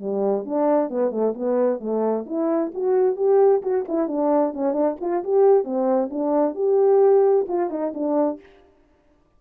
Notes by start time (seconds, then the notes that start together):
0.00 G3
0.45 D4
0.90 B3
1.11 A3
1.34 B3
1.80 A3
2.26 E4
2.74 F#4
3.17 G4
3.62 F#4
3.88 E4
4.08 D4
4.54 C#4
4.73 D4
5.01 F4
5.24 G4
5.64 C4
6.11 D4
6.55 G4
7.48 F4
7.70 D#4
7.94 D4